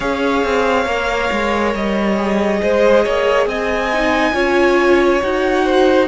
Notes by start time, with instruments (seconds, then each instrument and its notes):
0.00 cello C#4, viola G#4, violin C#5 F5
0.43 cello C4
0.85 cello A#3, viola A#4
1.31 cello G#3
1.74 cello G3, violin D#5
2.16 viola G#4
2.61 cello G#3, violin C5
3.04 cello A#3, violin C#5
3.46 cello C4, violin D#5 G#5
3.93 viola D#4
4.33 cello C#4, viola F4, violin C#5
5.22 cello D#4, viola F#4, violin F#5
5.64 violin C5